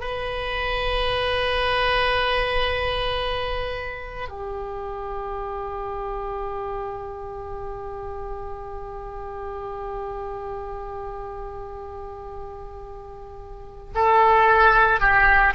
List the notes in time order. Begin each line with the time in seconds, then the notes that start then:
0.00 B4
4.29 G4
13.94 A4
15.00 G4